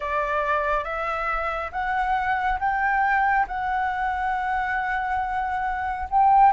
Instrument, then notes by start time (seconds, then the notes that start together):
flute
0.00 D5
0.83 E5
1.72 F#5
2.59 G5
3.47 F#5
6.09 G5